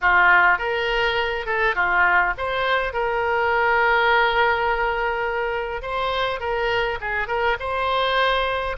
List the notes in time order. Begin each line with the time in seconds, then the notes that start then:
0.01 F4
0.58 A#4
1.46 A4
1.75 F4
2.37 C5
2.93 A#4
5.81 C5
6.39 A#4
7.00 G#4
7.27 A#4
7.59 C5